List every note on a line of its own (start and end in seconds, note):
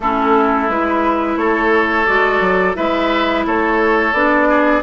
0.00 0.69 A3
0.00 0.71 C#4
0.00 1.39 E4
0.00 0.69 A4
0.69 1.36 G#3
0.69 2.06 E4
0.69 1.37 B4
1.36 2.05 A3
1.36 2.76 A4
1.36 2.06 C#5
2.06 2.40 G#3
2.06 2.74 F#4
2.06 2.75 D5
2.40 2.74 F#3
2.74 3.46 G#3
2.74 4.12 E4
2.74 3.45 B4
2.74 3.45 E5
3.46 4.12 A3
3.46 4.48 A4
3.46 4.13 C#5
4.12 4.81 B3
4.12 4.82 D4
4.12 4.82 D5
4.48 4.82 G#4